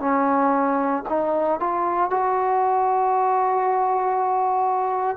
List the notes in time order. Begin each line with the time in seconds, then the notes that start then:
0.00 C#4
1.09 D#4
1.60 F4
2.11 F#4